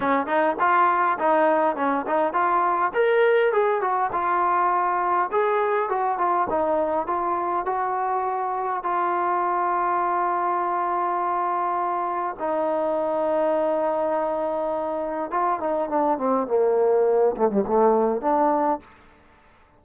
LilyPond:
\new Staff \with { instrumentName = "trombone" } { \time 4/4 \tempo 4 = 102 cis'8 dis'8 f'4 dis'4 cis'8 dis'8 | f'4 ais'4 gis'8 fis'8 f'4~ | f'4 gis'4 fis'8 f'8 dis'4 | f'4 fis'2 f'4~ |
f'1~ | f'4 dis'2.~ | dis'2 f'8 dis'8 d'8 c'8 | ais4. a16 g16 a4 d'4 | }